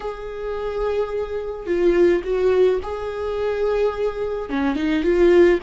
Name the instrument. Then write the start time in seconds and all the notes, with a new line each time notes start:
viola
0.00 G#4
1.66 F4
2.24 F#4
2.82 G#4
4.49 C#4
4.75 D#4
5.03 F4